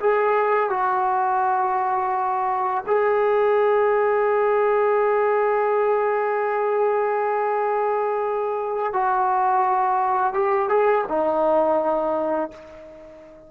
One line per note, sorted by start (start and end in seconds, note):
0.00 0.70 G#4
0.70 2.84 F#4
2.87 8.93 G#4
8.93 10.33 F#4
10.33 10.69 G4
10.69 11.05 G#4
11.08 12.51 D#4